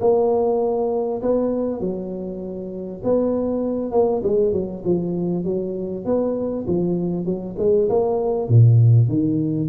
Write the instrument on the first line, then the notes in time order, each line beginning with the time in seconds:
tuba
0.00 A#3
1.22 B3
1.80 F#3
3.03 B3
3.91 A#3
4.23 G#3
4.52 F#3
4.85 F3
5.44 F#3
6.05 B3
6.67 F3
7.25 F#3
7.58 G#3
7.89 A#3
8.48 A#2
9.08 D#3